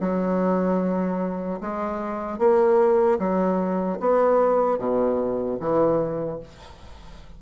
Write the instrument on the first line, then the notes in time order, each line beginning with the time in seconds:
bassoon
0.00 F#3
1.60 G#3
2.38 A#3
3.19 F#3
4.00 B3
4.79 B2
5.60 E3